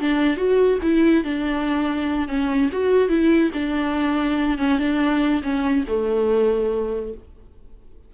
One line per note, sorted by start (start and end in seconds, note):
0.00 0.37 D4
0.37 0.79 F#4
0.82 1.24 E4
1.24 2.28 D4
2.28 2.70 C#4
2.72 3.09 F#4
3.09 3.51 E4
3.54 4.58 D4
4.58 4.79 C#4
4.79 5.42 D4
5.43 5.85 C#4
5.88 7.14 A3